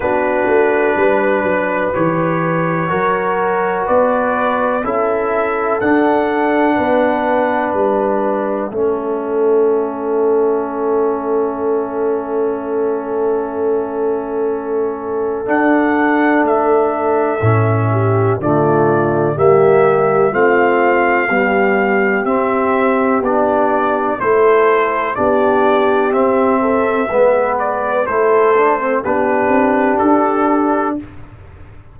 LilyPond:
<<
  \new Staff \with { instrumentName = "trumpet" } { \time 4/4 \tempo 4 = 62 b'2 cis''2 | d''4 e''4 fis''2 | e''1~ | e''1 |
fis''4 e''2 d''4 | e''4 f''2 e''4 | d''4 c''4 d''4 e''4~ | e''8 d''8 c''4 b'4 a'4 | }
  \new Staff \with { instrumentName = "horn" } { \time 4/4 fis'4 b'2 ais'4 | b'4 a'2 b'4~ | b'4 a'2.~ | a'1~ |
a'2~ a'8 g'8 f'4 | g'4 f'4 g'2~ | g'4 a'4 g'4. a'8 | b'4 a'4 g'2 | }
  \new Staff \with { instrumentName = "trombone" } { \time 4/4 d'2 g'4 fis'4~ | fis'4 e'4 d'2~ | d'4 cis'2.~ | cis'1 |
d'2 cis'4 a4 | ais4 c'4 g4 c'4 | d'4 e'4 d'4 c'4 | b4 e'8 d'16 c'16 d'2 | }
  \new Staff \with { instrumentName = "tuba" } { \time 4/4 b8 a8 g8 fis8 e4 fis4 | b4 cis'4 d'4 b4 | g4 a2.~ | a1 |
d'4 a4 a,4 d4 | g4 a4 b4 c'4 | b4 a4 b4 c'4 | gis4 a4 b8 c'8 d'4 | }
>>